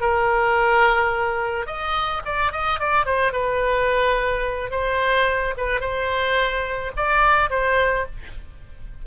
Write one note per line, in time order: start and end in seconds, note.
0.00 1.66 A#4
1.66 2.21 D#5
2.25 2.52 D5
2.52 2.79 D#5
2.79 3.05 D5
3.05 3.32 C5
3.32 4.71 B4
4.71 5.54 C5
5.57 5.80 B4
5.80 6.91 C5
6.96 7.49 D5
7.49 8.05 C5